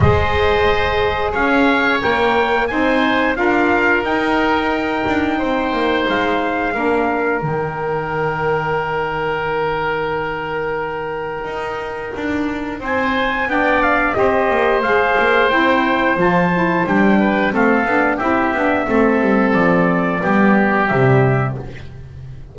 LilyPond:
<<
  \new Staff \with { instrumentName = "trumpet" } { \time 4/4 \tempo 4 = 89 dis''2 f''4 g''4 | gis''4 f''4 g''2~ | g''4 f''2 g''4~ | g''1~ |
g''2. gis''4 | g''8 f''8 dis''4 f''4 g''4 | a''4 g''4 f''4 e''4~ | e''4 d''2 e''4 | }
  \new Staff \with { instrumentName = "oboe" } { \time 4/4 c''2 cis''2 | c''4 ais'2. | c''2 ais'2~ | ais'1~ |
ais'2. c''4 | d''4 c''2.~ | c''4. b'8 a'4 g'4 | a'2 g'2 | }
  \new Staff \with { instrumentName = "saxophone" } { \time 4/4 gis'2. ais'4 | dis'4 f'4 dis'2~ | dis'2 d'4 dis'4~ | dis'1~ |
dis'1 | d'4 g'4 gis'4 e'4 | f'8 e'8 d'4 c'8 d'8 e'8 d'8 | c'2 b4 g4 | }
  \new Staff \with { instrumentName = "double bass" } { \time 4/4 gis2 cis'4 ais4 | c'4 d'4 dis'4. d'8 | c'8 ais8 gis4 ais4 dis4~ | dis1~ |
dis4 dis'4 d'4 c'4 | b4 c'8 ais8 gis8 ais8 c'4 | f4 g4 a8 b8 c'8 b8 | a8 g8 f4 g4 c4 | }
>>